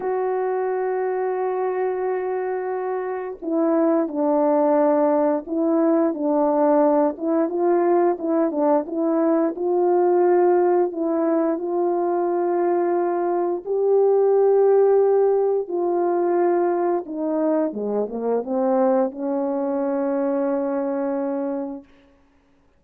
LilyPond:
\new Staff \with { instrumentName = "horn" } { \time 4/4 \tempo 4 = 88 fis'1~ | fis'4 e'4 d'2 | e'4 d'4. e'8 f'4 | e'8 d'8 e'4 f'2 |
e'4 f'2. | g'2. f'4~ | f'4 dis'4 gis8 ais8 c'4 | cis'1 | }